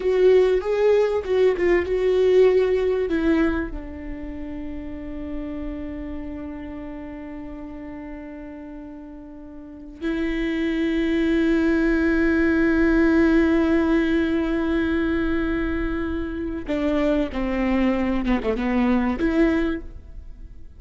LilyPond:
\new Staff \with { instrumentName = "viola" } { \time 4/4 \tempo 4 = 97 fis'4 gis'4 fis'8 f'8 fis'4~ | fis'4 e'4 d'2~ | d'1~ | d'1~ |
d'16 e'2.~ e'8.~ | e'1~ | e'2. d'4 | c'4. b16 a16 b4 e'4 | }